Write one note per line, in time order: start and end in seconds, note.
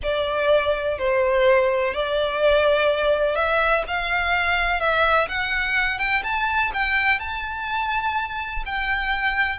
0.02 0.98 D5
0.98 1.93 C5
1.93 3.35 D5
3.35 3.83 E5
3.87 4.80 F5
4.80 5.28 E5
5.28 5.98 F#5
5.98 6.22 G5
6.23 6.71 A5
6.73 7.19 G5
7.19 8.63 A5
8.65 9.59 G5